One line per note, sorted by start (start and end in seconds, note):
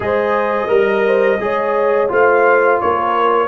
0.00 0.68 G#3
0.00 0.68 G#4
0.00 0.68 C5
0.00 2.11 D#5
0.68 1.39 G3
0.68 1.38 A#4
0.68 1.03 A#4
1.06 1.41 C5
1.40 2.09 G#3
1.40 2.08 G#4
1.40 2.11 C#5
2.08 2.81 A3
2.08 3.48 F4
2.08 2.81 C5
2.08 2.80 F5
2.80 3.48 A#3
2.80 3.48 A#4
2.80 3.48 C#5